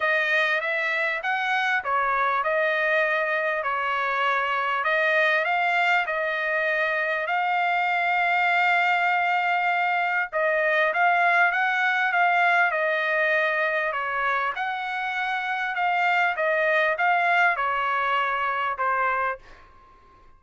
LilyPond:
\new Staff \with { instrumentName = "trumpet" } { \time 4/4 \tempo 4 = 99 dis''4 e''4 fis''4 cis''4 | dis''2 cis''2 | dis''4 f''4 dis''2 | f''1~ |
f''4 dis''4 f''4 fis''4 | f''4 dis''2 cis''4 | fis''2 f''4 dis''4 | f''4 cis''2 c''4 | }